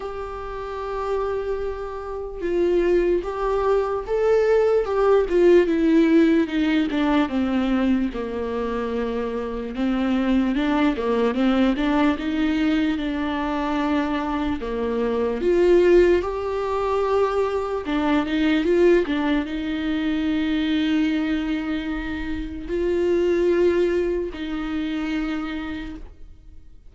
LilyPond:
\new Staff \with { instrumentName = "viola" } { \time 4/4 \tempo 4 = 74 g'2. f'4 | g'4 a'4 g'8 f'8 e'4 | dis'8 d'8 c'4 ais2 | c'4 d'8 ais8 c'8 d'8 dis'4 |
d'2 ais4 f'4 | g'2 d'8 dis'8 f'8 d'8 | dis'1 | f'2 dis'2 | }